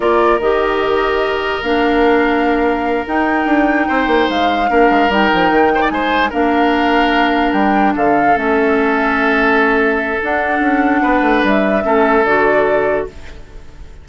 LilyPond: <<
  \new Staff \with { instrumentName = "flute" } { \time 4/4 \tempo 4 = 147 d''4 dis''2. | f''2.~ f''8 g''8~ | g''2~ g''8 f''4.~ | f''8 g''2 gis''4 f''8~ |
f''2~ f''8 g''4 f''8~ | f''8 e''2.~ e''8~ | e''4 fis''2. | e''2 d''2 | }
  \new Staff \with { instrumentName = "oboe" } { \time 4/4 ais'1~ | ais'1~ | ais'4. c''2 ais'8~ | ais'2 c''16 d''16 c''4 ais'8~ |
ais'2.~ ais'8 a'8~ | a'1~ | a'2. b'4~ | b'4 a'2. | }
  \new Staff \with { instrumentName = "clarinet" } { \time 4/4 f'4 g'2. | d'2.~ d'8 dis'8~ | dis'2.~ dis'8 d'8~ | d'8 dis'2. d'8~ |
d'1~ | d'8 cis'2.~ cis'8~ | cis'4 d'2.~ | d'4 cis'4 fis'2 | }
  \new Staff \with { instrumentName = "bassoon" } { \time 4/4 ais4 dis2. | ais2.~ ais8 dis'8~ | dis'8 d'4 c'8 ais8 gis4 ais8 | gis8 g8 f8 dis4 gis4 ais8~ |
ais2~ ais8 g4 d8~ | d8 a2.~ a8~ | a4 d'4 cis'4 b8 a8 | g4 a4 d2 | }
>>